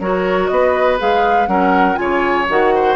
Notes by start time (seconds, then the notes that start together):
0.00 F#3 F#4 A#4 C#5
0.48 B3 B4 D#5
0.99 G#3 G#4 F5
1.47 F#3 C#4 A#4 F#5
1.95 C#3 F4 G#5
2.01 C#5
2.49 D#3 F#4 F#5
2.75 C5